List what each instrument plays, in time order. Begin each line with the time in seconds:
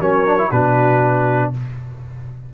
0.00 tuba F#3, trombone C#4, horn A#4, trumpet C#5
0.26 trombone D4
0.38 trombone E4
0.51 tuba B2, trombone D4, horn F#4, trumpet B4